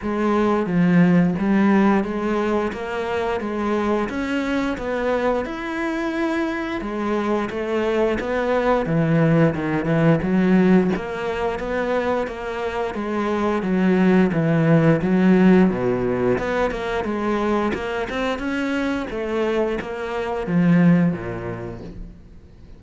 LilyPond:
\new Staff \with { instrumentName = "cello" } { \time 4/4 \tempo 4 = 88 gis4 f4 g4 gis4 | ais4 gis4 cis'4 b4 | e'2 gis4 a4 | b4 e4 dis8 e8 fis4 |
ais4 b4 ais4 gis4 | fis4 e4 fis4 b,4 | b8 ais8 gis4 ais8 c'8 cis'4 | a4 ais4 f4 ais,4 | }